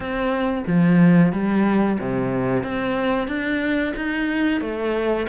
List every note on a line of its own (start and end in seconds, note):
0.00 0.64 C4
0.67 1.32 F3
1.32 1.98 G3
1.99 2.63 C3
2.63 3.27 C4
3.27 3.93 D4
3.96 4.60 D#4
4.60 5.26 A3